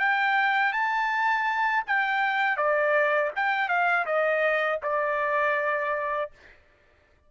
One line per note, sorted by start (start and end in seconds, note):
0.00 0.73 G5
0.73 1.84 A5
1.87 2.58 G5
2.58 3.32 D5
3.36 3.69 G5
3.69 4.06 F5
4.06 4.80 D#5
4.83 6.31 D5